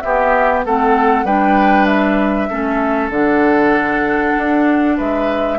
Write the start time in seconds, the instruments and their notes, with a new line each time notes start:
0.00 bassoon B3, clarinet B3, oboe G4, flute E5
0.65 bassoon A3, clarinet C4, oboe A4, flute F#5
1.24 bassoon G3, clarinet D4, oboe B4, flute G5
1.85 flute E5
2.49 bassoon A3, clarinet C#4, oboe A4
3.09 bassoon D3, clarinet D4, flute F#5
4.37 bassoon D4
4.97 bassoon G#3, oboe B4, flute E5